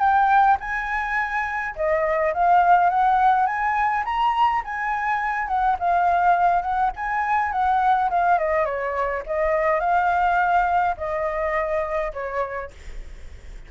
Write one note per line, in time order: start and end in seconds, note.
0.00 0.58 G5
0.61 1.76 G#5
1.76 2.34 D#5
2.34 2.90 F5
2.90 3.47 F#5
3.47 4.05 G#5
4.05 4.63 A#5
4.65 5.48 G#5
5.48 5.77 F#5
5.80 6.62 F5
6.62 6.91 F#5
6.97 7.52 G#5
7.52 8.10 F#5
8.11 8.39 F5
8.39 8.66 D#5
8.66 9.23 C#5
9.27 9.81 D#5
9.81 10.96 F5
10.98 12.13 D#5
12.14 12.71 C#5